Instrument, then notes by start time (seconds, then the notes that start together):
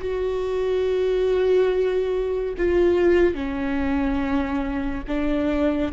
viola
0.00 F#4
2.57 F4
3.34 C#4
5.07 D4